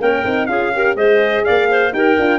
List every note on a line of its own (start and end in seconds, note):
0.00 0.24 A#3
0.00 0.24 C#4
0.00 0.49 A#4
0.00 0.46 G5
0.24 0.48 C4
0.24 0.48 D#4
0.46 0.95 C#4
0.46 0.72 F4
0.46 0.73 G#4
0.46 0.94 F5
0.74 0.96 G4
0.74 0.97 A#4
0.95 1.43 G#3
0.95 1.92 G#4
0.95 1.45 C5
0.95 1.45 D#5
1.45 1.92 A#3
1.45 1.69 D5
1.45 1.93 F5
1.70 1.94 C5
1.92 2.16 D#4
1.92 2.17 G4
1.92 2.39 A#4
1.92 2.39 G5
2.19 2.39 D4
2.19 2.39 F4